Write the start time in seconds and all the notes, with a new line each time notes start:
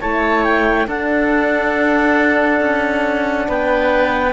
0.00 A3 E4 C#5 A5
0.43 G5
0.87 D4 A4 F#5
2.60 C#4
3.47 B3 B4 G5